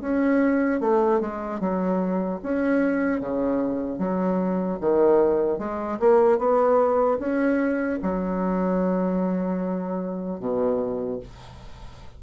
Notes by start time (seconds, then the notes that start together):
0.00 C#4
0.80 A3
1.20 G#3
1.60 F#3
2.42 C#4
3.20 C#3
3.98 F#3
4.80 D#3
5.58 G#3
5.99 A#3
6.38 B3
7.19 C#4
8.02 F#3
10.39 B2